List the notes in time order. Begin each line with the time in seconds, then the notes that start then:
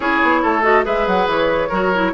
0.00 C#4 E4 G#4 C#5
0.22 B3
0.42 A3 A4
0.62 F#4 D#5
0.84 G#3 G#4 B4 E5
1.06 F#3 F#5
1.26 E3 C#5
1.68 F#3 F#4 A#4
1.94 E4